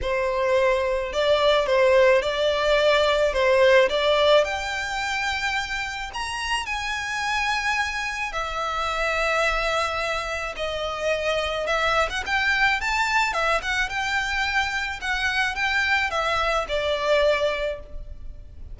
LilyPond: \new Staff \with { instrumentName = "violin" } { \time 4/4 \tempo 4 = 108 c''2 d''4 c''4 | d''2 c''4 d''4 | g''2. ais''4 | gis''2. e''4~ |
e''2. dis''4~ | dis''4 e''8. fis''16 g''4 a''4 | e''8 fis''8 g''2 fis''4 | g''4 e''4 d''2 | }